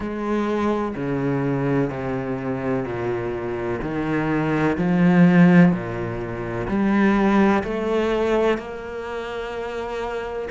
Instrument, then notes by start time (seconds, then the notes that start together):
cello
0.00 G#3
0.95 C#3
1.90 C3
2.85 A#2
3.81 D#3
4.77 F3
5.71 A#2
6.68 G3
7.63 A3
8.58 A#3